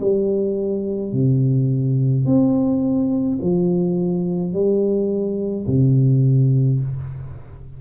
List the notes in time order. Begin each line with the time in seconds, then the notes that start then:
0.00 G3
1.12 C3
2.25 C4
3.41 F3
4.52 G3
5.67 C3